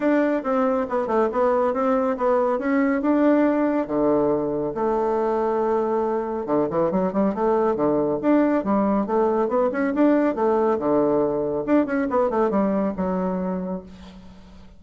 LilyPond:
\new Staff \with { instrumentName = "bassoon" } { \time 4/4 \tempo 4 = 139 d'4 c'4 b8 a8 b4 | c'4 b4 cis'4 d'4~ | d'4 d2 a4~ | a2. d8 e8 |
fis8 g8 a4 d4 d'4 | g4 a4 b8 cis'8 d'4 | a4 d2 d'8 cis'8 | b8 a8 g4 fis2 | }